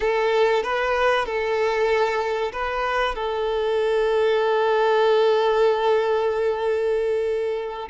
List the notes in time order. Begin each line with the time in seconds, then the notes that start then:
0.00 A4
0.63 B4
1.25 A4
2.52 B4
3.15 A4